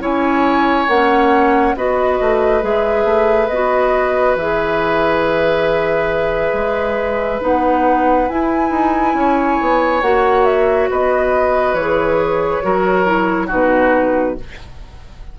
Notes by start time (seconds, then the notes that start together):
0.00 C#4 E4 C#5 G#5
0.88 A#3 C#4 F#5
1.76 B3 F#4 B4 D#5
2.21 A3
2.61 G#3 G#4 E5
3.05 A3
3.49 B3 F#4 D#5
4.36 E3 G#4 E5
6.53 G#3
7.41 B3 D#4 F#5
8.29 E4 G#5
8.70 D#4
9.14 C#4 C#5
9.61 B3
10.02 A#3 F#4 F#5
10.45 E5
10.90 B3 B4 D#5
11.73 E3 C#5
11.80 G#4
12.63 F#3 F#4 A#4
13.06 E4
13.47 B2 D#4 F#4 B4